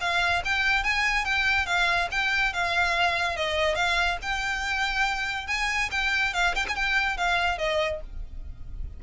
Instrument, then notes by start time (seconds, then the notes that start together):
violin
0.00 F5
0.44 G5
0.83 G#5
1.25 G5
1.66 F5
2.11 G5
2.53 F5
3.36 D#5
3.75 F5
4.22 G5
5.47 G#5
5.91 G5
6.33 F5
6.55 G5
6.68 G#5
6.75 G5
7.17 F5
7.58 D#5